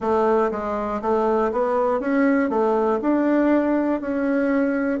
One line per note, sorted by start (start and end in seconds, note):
0.00 0.50 A3
0.50 1.00 G#3
1.01 1.51 A3
1.52 2.00 B3
2.00 2.50 C#4
2.50 3.00 A3
3.01 4.00 D4
4.00 5.00 C#4